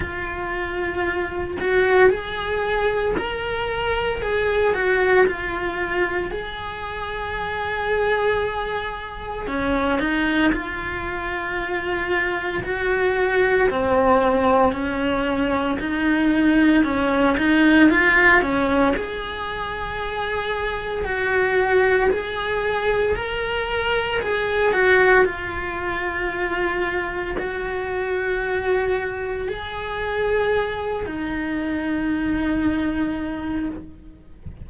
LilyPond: \new Staff \with { instrumentName = "cello" } { \time 4/4 \tempo 4 = 57 f'4. fis'8 gis'4 ais'4 | gis'8 fis'8 f'4 gis'2~ | gis'4 cis'8 dis'8 f'2 | fis'4 c'4 cis'4 dis'4 |
cis'8 dis'8 f'8 cis'8 gis'2 | fis'4 gis'4 ais'4 gis'8 fis'8 | f'2 fis'2 | gis'4. dis'2~ dis'8 | }